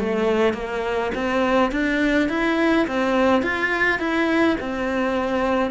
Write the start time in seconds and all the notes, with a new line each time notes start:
0.00 A3
0.54 A#3
1.15 C4
1.72 D4
2.29 E4
2.88 C4
3.43 F4
4.00 E4
4.60 C4